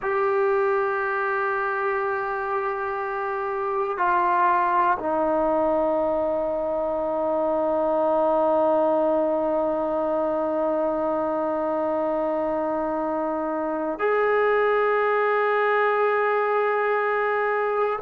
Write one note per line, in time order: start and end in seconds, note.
0.02 3.97 G4
3.97 4.97 F4
4.99 13.99 D#4
13.99 17.99 G#4